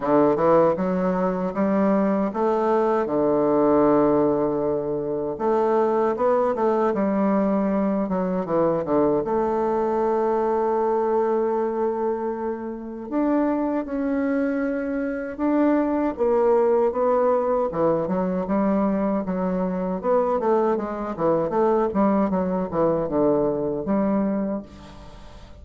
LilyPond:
\new Staff \with { instrumentName = "bassoon" } { \time 4/4 \tempo 4 = 78 d8 e8 fis4 g4 a4 | d2. a4 | b8 a8 g4. fis8 e8 d8 | a1~ |
a4 d'4 cis'2 | d'4 ais4 b4 e8 fis8 | g4 fis4 b8 a8 gis8 e8 | a8 g8 fis8 e8 d4 g4 | }